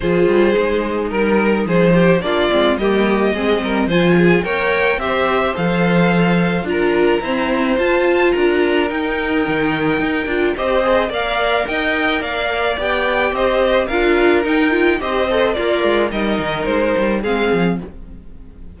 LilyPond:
<<
  \new Staff \with { instrumentName = "violin" } { \time 4/4 \tempo 4 = 108 c''2 ais'4 c''4 | d''4 dis''2 gis''4 | g''4 e''4 f''2 | ais''2 a''4 ais''4 |
g''2. dis''4 | f''4 g''4 f''4 g''4 | dis''4 f''4 g''4 dis''4 | d''4 dis''4 c''4 f''4 | }
  \new Staff \with { instrumentName = "violin" } { \time 4/4 gis'2 ais'4 gis'8 g'8 | f'4 g'4 gis'8 ais'8 c''8 gis'8 | cis''4 c''2. | ais'4 c''2 ais'4~ |
ais'2. c''4 | d''4 dis''4 d''2 | c''4 ais'2 c''4 | f'4 ais'2 gis'4 | }
  \new Staff \with { instrumentName = "viola" } { \time 4/4 f'4 dis'2. | d'8 c'8 ais4 c'4 f'4 | ais'4 g'4 a'2 | f'4 c'4 f'2 |
dis'2~ dis'8 f'8 g'8 gis'8 | ais'2. g'4~ | g'4 f'4 dis'8 f'8 g'8 a'8 | ais'4 dis'2 c'4 | }
  \new Staff \with { instrumentName = "cello" } { \time 4/4 f8 g8 gis4 g4 f4 | ais8 gis8 g4 gis8 g8 f4 | ais4 c'4 f2 | d'4 e'4 f'4 d'4 |
dis'4 dis4 dis'8 d'8 c'4 | ais4 dis'4 ais4 b4 | c'4 d'4 dis'4 c'4 | ais8 gis8 g8 dis8 gis8 g8 gis8 f8 | }
>>